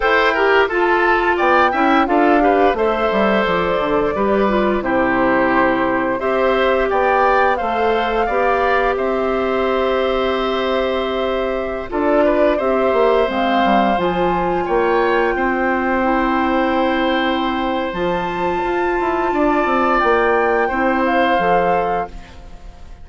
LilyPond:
<<
  \new Staff \with { instrumentName = "flute" } { \time 4/4 \tempo 4 = 87 g''4 a''4 g''4 f''4 | e''4 d''2 c''4~ | c''4 e''4 g''4 f''4~ | f''4 e''2.~ |
e''4~ e''16 d''4 e''4 f''8.~ | f''16 gis''4 g''2~ g''8.~ | g''2 a''2~ | a''4 g''4. f''4. | }
  \new Staff \with { instrumentName = "oboe" } { \time 4/4 c''8 ais'8 a'4 d''8 e''8 a'8 b'8 | c''2 b'4 g'4~ | g'4 c''4 d''4 c''4 | d''4 c''2.~ |
c''4~ c''16 a'8 b'8 c''4.~ c''16~ | c''4~ c''16 cis''4 c''4.~ c''16~ | c''1 | d''2 c''2 | }
  \new Staff \with { instrumentName = "clarinet" } { \time 4/4 a'8 g'8 f'4. e'8 f'8 g'8 | a'2 g'8 f'8 e'4~ | e'4 g'2 a'4 | g'1~ |
g'4~ g'16 f'4 g'4 c'8.~ | c'16 f'2. e'8.~ | e'2 f'2~ | f'2 e'4 a'4 | }
  \new Staff \with { instrumentName = "bassoon" } { \time 4/4 e'4 f'4 b8 cis'8 d'4 | a8 g8 f8 d8 g4 c4~ | c4 c'4 b4 a4 | b4 c'2.~ |
c'4~ c'16 d'4 c'8 ais8 gis8 g16~ | g16 f4 ais4 c'4.~ c'16~ | c'2 f4 f'8 e'8 | d'8 c'8 ais4 c'4 f4 | }
>>